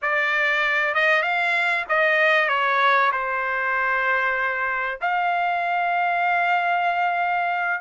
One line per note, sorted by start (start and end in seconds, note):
0.02 0.94 D5
0.94 1.22 D#5
1.22 1.84 F5
1.88 2.48 D#5
2.48 3.11 C#5
3.11 4.99 C5
5.01 7.80 F5